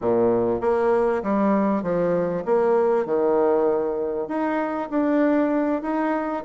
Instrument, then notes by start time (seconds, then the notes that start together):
bassoon
0.01 A#2
0.61 A#3
1.22 G3
1.82 F3
2.45 A#3
3.05 D#3
4.27 D#4
4.90 D4
5.82 D#4